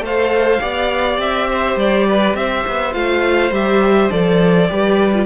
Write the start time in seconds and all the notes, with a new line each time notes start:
0.00 A3 A4 C5 F5
0.60 B3 G4 D5
1.18 C4 E5
1.49 C5
1.76 G3 D5
2.08 B4
2.34 C4 C5 E5
2.67 B3
2.92 A3 F4 F5
3.51 G3 G4 E5
4.10 F3 A4 D5
4.68 G3 G4 B4
5.13 F4